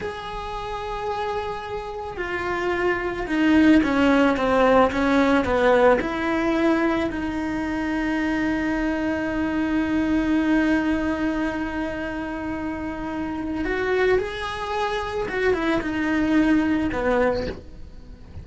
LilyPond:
\new Staff \with { instrumentName = "cello" } { \time 4/4 \tempo 4 = 110 gis'1 | f'2 dis'4 cis'4 | c'4 cis'4 b4 e'4~ | e'4 dis'2.~ |
dis'1~ | dis'1~ | dis'4 fis'4 gis'2 | fis'8 e'8 dis'2 b4 | }